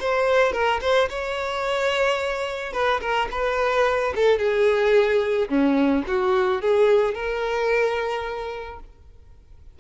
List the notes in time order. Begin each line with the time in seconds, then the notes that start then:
0.00 C5
0.53 A#4
0.81 C5
1.09 C#5
2.73 B4
3.01 A#4
3.31 B4
4.16 A4
4.39 G#4
5.49 C#4
6.07 F#4
6.62 G#4
7.15 A#4